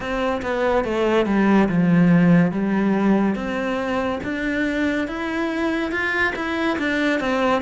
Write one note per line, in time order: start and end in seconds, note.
0.00 0.41 C4
0.42 0.84 B3
0.84 1.26 A3
1.26 1.68 G3
1.69 2.51 F3
2.51 3.35 G3
3.35 4.19 C4
4.23 5.07 D4
5.07 5.91 E4
5.91 6.33 F4
6.35 6.77 E4
6.78 7.19 D4
7.19 7.62 C4